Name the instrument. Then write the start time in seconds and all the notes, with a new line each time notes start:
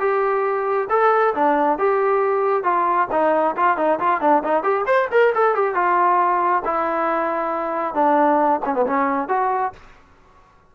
trombone
0.00 G4
0.90 A4
1.35 D4
1.79 G4
2.64 F4
3.12 D#4
3.57 F4
3.77 D#4
4.00 F4
4.21 D4
4.44 D#4
4.63 G4
4.86 C5
5.11 A#4
5.35 A4
5.55 G4
5.75 F4
6.65 E4
7.95 D4
8.66 C#4
8.75 B3
8.86 C#4
9.29 F#4